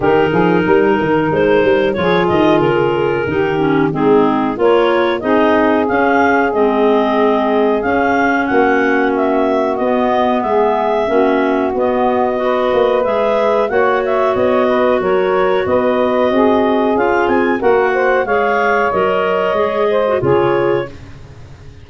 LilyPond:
<<
  \new Staff \with { instrumentName = "clarinet" } { \time 4/4 \tempo 4 = 92 ais'2 c''4 cis''8 dis''8 | ais'2 gis'4 cis''4 | dis''4 f''4 dis''2 | f''4 fis''4 e''4 dis''4 |
e''2 dis''2 | e''4 fis''8 e''8 dis''4 cis''4 | dis''2 f''8 gis''8 fis''4 | f''4 dis''2 cis''4 | }
  \new Staff \with { instrumentName = "saxophone" } { \time 4/4 g'8 gis'8 ais'2 gis'4~ | gis'4 g'4 dis'4 ais'4 | gis'1~ | gis'4 fis'2. |
gis'4 fis'2 b'4~ | b'4 cis''4. b'8 ais'4 | b'4 gis'2 ais'8 c''8 | cis''2~ cis''8 c''8 gis'4 | }
  \new Staff \with { instrumentName = "clarinet" } { \time 4/4 dis'2. f'4~ | f'4 dis'8 cis'8 c'4 f'4 | dis'4 cis'4 c'2 | cis'2. b4~ |
b4 cis'4 b4 fis'4 | gis'4 fis'2.~ | fis'2 f'4 fis'4 | gis'4 ais'4 gis'8. fis'16 f'4 | }
  \new Staff \with { instrumentName = "tuba" } { \time 4/4 dis8 f8 g8 dis8 gis8 g8 f8 dis8 | cis4 dis4 gis4 ais4 | c'4 cis'4 gis2 | cis'4 ais2 b4 |
gis4 ais4 b4. ais8 | gis4 ais4 b4 fis4 | b4 c'4 cis'8 c'8 ais4 | gis4 fis4 gis4 cis4 | }
>>